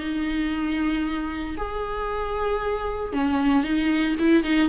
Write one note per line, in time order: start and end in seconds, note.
0.00 1.57 D#4
1.57 3.13 G#4
3.13 3.64 C#4
3.64 4.16 D#4
4.20 4.44 E4
4.44 4.69 D#4